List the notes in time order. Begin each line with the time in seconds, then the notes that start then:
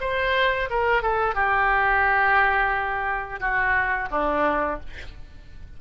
0.00 C5
0.70 A#4
1.02 A4
1.35 G4
3.40 F#4
4.11 D4